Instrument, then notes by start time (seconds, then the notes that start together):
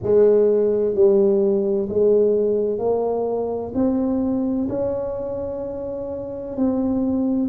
tuba
0.03 G#3
0.94 G3
1.89 G#3
2.78 A#3
3.74 C4
4.69 C#4
6.56 C4